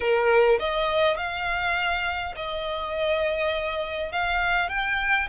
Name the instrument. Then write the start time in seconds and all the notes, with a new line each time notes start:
violin
0.00 A#4
0.59 D#5
1.17 F5
2.36 D#5
4.12 F5
4.69 G5